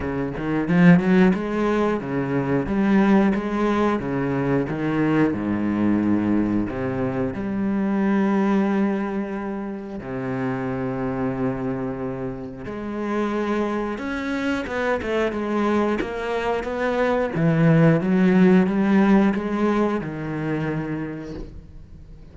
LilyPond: \new Staff \with { instrumentName = "cello" } { \time 4/4 \tempo 4 = 90 cis8 dis8 f8 fis8 gis4 cis4 | g4 gis4 cis4 dis4 | gis,2 c4 g4~ | g2. c4~ |
c2. gis4~ | gis4 cis'4 b8 a8 gis4 | ais4 b4 e4 fis4 | g4 gis4 dis2 | }